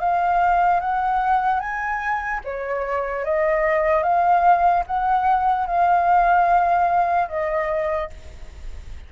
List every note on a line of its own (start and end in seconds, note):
0.00 0.80 F5
0.80 1.60 F#5
1.60 2.41 G#5
2.44 3.25 C#5
3.25 4.03 D#5
4.03 4.84 F5
4.86 5.67 F#5
5.67 7.29 F5
7.29 8.10 D#5